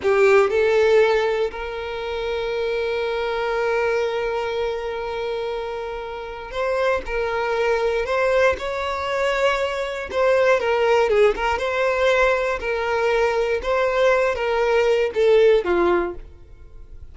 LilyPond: \new Staff \with { instrumentName = "violin" } { \time 4/4 \tempo 4 = 119 g'4 a'2 ais'4~ | ais'1~ | ais'1~ | ais'4 c''4 ais'2 |
c''4 cis''2. | c''4 ais'4 gis'8 ais'8 c''4~ | c''4 ais'2 c''4~ | c''8 ais'4. a'4 f'4 | }